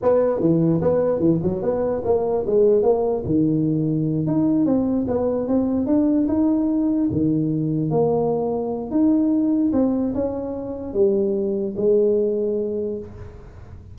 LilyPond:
\new Staff \with { instrumentName = "tuba" } { \time 4/4 \tempo 4 = 148 b4 e4 b4 e8 fis8 | b4 ais4 gis4 ais4 | dis2~ dis8 dis'4 c'8~ | c'8 b4 c'4 d'4 dis'8~ |
dis'4. dis2 ais8~ | ais2 dis'2 | c'4 cis'2 g4~ | g4 gis2. | }